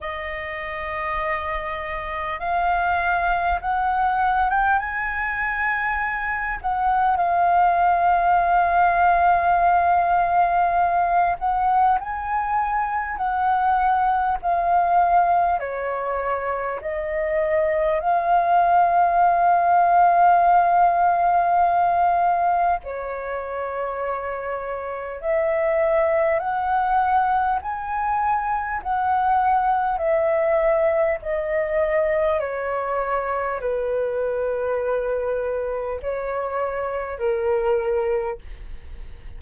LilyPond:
\new Staff \with { instrumentName = "flute" } { \time 4/4 \tempo 4 = 50 dis''2 f''4 fis''8. g''16 | gis''4. fis''8 f''2~ | f''4. fis''8 gis''4 fis''4 | f''4 cis''4 dis''4 f''4~ |
f''2. cis''4~ | cis''4 e''4 fis''4 gis''4 | fis''4 e''4 dis''4 cis''4 | b'2 cis''4 ais'4 | }